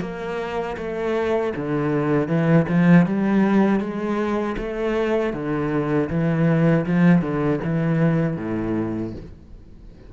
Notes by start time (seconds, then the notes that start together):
0.00 A#3
0.77 A3
1.55 D3
2.28 E3
2.68 F3
3.06 G3
3.80 G#3
4.57 A3
5.33 D3
6.09 E3
6.86 F3
7.22 D3
7.64 E3
8.36 A2